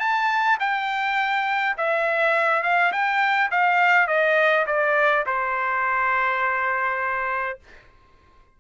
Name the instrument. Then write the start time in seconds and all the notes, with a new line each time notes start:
trumpet
0.00 A5
0.60 G5
1.78 E5
2.63 F5
2.92 G5
3.51 F5
4.08 D#5
4.67 D5
5.26 C5